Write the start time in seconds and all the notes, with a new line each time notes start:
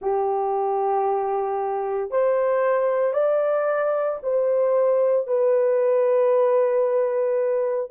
0.01 G4
2.11 C5
3.13 D5
4.22 C5
5.27 B4